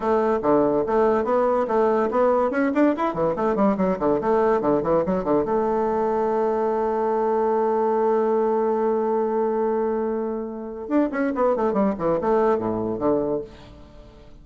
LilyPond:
\new Staff \with { instrumentName = "bassoon" } { \time 4/4 \tempo 4 = 143 a4 d4 a4 b4 | a4 b4 cis'8 d'8 e'8 e8 | a8 g8 fis8 d8 a4 d8 e8 | fis8 d8 a2.~ |
a1~ | a1~ | a2 d'8 cis'8 b8 a8 | g8 e8 a4 a,4 d4 | }